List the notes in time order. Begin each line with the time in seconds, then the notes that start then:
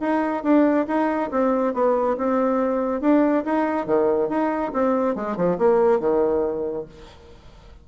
0.00 D#4
0.43 D4
0.87 D#4
1.31 C4
1.73 B3
2.17 C4
3.01 D4
3.45 D#4
3.86 D#3
4.29 D#4
4.72 C4
5.15 G#3
5.36 F3
5.58 A#3
5.99 D#3